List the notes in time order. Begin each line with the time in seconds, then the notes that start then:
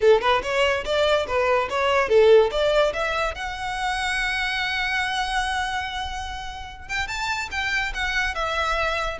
0.00 A4
0.21 B4
0.42 C#5
0.84 D5
1.27 B4
1.69 C#5
2.09 A4
2.51 D5
2.93 E5
3.34 F#5
6.88 G5
7.07 A5
7.51 G5
7.94 F#5
8.34 E5